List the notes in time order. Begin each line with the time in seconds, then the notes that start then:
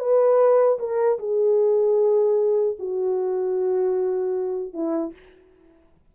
0.00 B4
0.80 A#4
1.19 G#4
2.80 F#4
4.74 E4